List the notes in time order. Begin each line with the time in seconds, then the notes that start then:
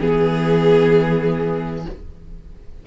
0.00 E3 B3 G#4